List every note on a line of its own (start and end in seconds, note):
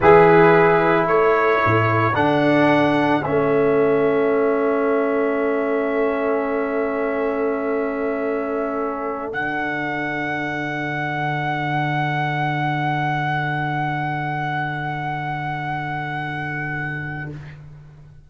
0.00 1.06 E3
0.00 2.13 E4
0.00 1.07 G#4
0.00 1.07 B4
1.06 1.60 A3
1.06 17.29 A4
1.06 2.15 C#5
1.65 2.13 A2
2.13 3.21 D3
2.13 3.21 D4
2.13 3.23 F#5
3.23 9.32 A3
3.23 9.32 C#4
3.23 9.31 E5
9.32 17.30 D3
9.32 17.29 D4
9.32 17.30 F#5